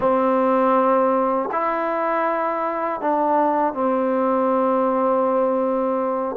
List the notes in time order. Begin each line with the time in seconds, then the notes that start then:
0.00 C4
1.51 E4
3.00 D4
3.73 C4